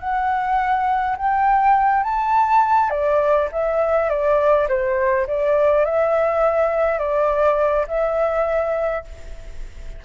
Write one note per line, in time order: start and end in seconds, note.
0.00 1.17 F#5
1.17 2.04 G5
2.04 2.90 A5
2.90 3.49 D5
3.52 4.10 E5
4.10 4.68 D5
4.69 5.27 C5
5.27 5.85 D5
5.85 6.99 E5
6.99 7.86 D5
7.88 9.05 E5